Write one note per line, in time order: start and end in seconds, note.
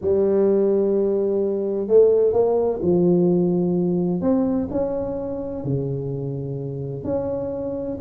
0.01 1.87 G3
1.87 2.32 A3
2.32 2.79 A#3
2.81 4.21 F3
4.21 4.68 C4
4.70 5.64 C#4
5.64 7.04 C#3
7.04 7.98 C#4